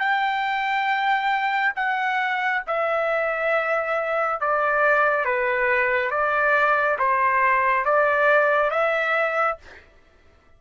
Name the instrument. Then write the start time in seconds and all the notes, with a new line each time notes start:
trumpet
0.00 G5
1.76 F#5
2.68 E5
4.41 D5
5.26 B4
6.11 D5
6.99 C5
7.86 D5
8.71 E5